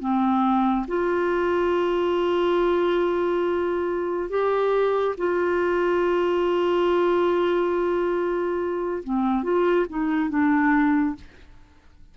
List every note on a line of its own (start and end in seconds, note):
0.00 0.86 C4
0.87 4.29 F4
4.29 5.15 G4
5.17 9.03 F4
9.04 9.43 C4
9.43 9.86 F4
9.89 10.29 D#4
10.29 11.15 D4